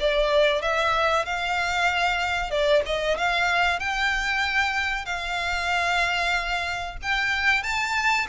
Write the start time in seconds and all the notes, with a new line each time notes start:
0.00 D5
0.62 E5
1.26 F5
2.51 D5
2.86 D#5
3.17 F5
3.79 G5
5.06 F5
7.02 G5
7.63 A5